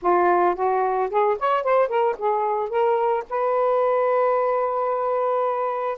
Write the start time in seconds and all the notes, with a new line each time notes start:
0.01 F4
0.55 F#4
1.10 G#4
1.39 C#5
1.63 C5
1.88 A#4
2.18 G#4
2.69 A#4
3.29 B4